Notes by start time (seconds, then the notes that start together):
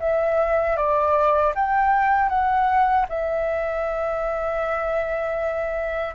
0.00 E5
0.77 D5
1.55 G5
2.29 F#5
3.09 E5